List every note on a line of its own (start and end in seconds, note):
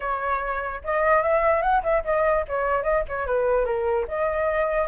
0.00 0.81 C#5
0.83 1.22 D#5
1.22 1.62 E5
1.62 1.82 F#5
1.83 2.03 E5
2.04 2.45 D#5
2.48 2.83 C#5
2.83 3.03 D#5
3.08 3.26 C#5
3.26 3.65 B4
3.65 4.06 A#4
4.08 4.87 D#5